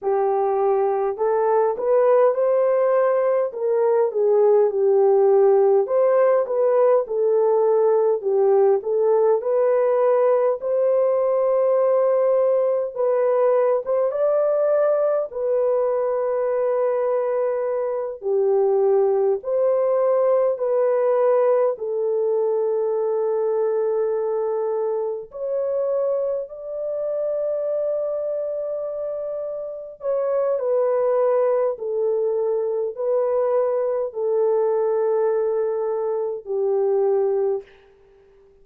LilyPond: \new Staff \with { instrumentName = "horn" } { \time 4/4 \tempo 4 = 51 g'4 a'8 b'8 c''4 ais'8 gis'8 | g'4 c''8 b'8 a'4 g'8 a'8 | b'4 c''2 b'8. c''16 | d''4 b'2~ b'8 g'8~ |
g'8 c''4 b'4 a'4.~ | a'4. cis''4 d''4.~ | d''4. cis''8 b'4 a'4 | b'4 a'2 g'4 | }